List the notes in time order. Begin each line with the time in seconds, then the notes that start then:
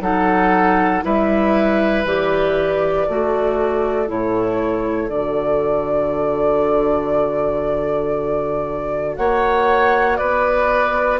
0.00 F#3 D#4 A4 F#5
1.02 G3 E4 B4 E5
2.04 E3 G4 D5
3.08 A3 F#4 A4
4.07 A2 E4 C#5
5.08 D3 F#4 D5
9.16 A#3 C#5 F#5
10.17 B3 B4 D5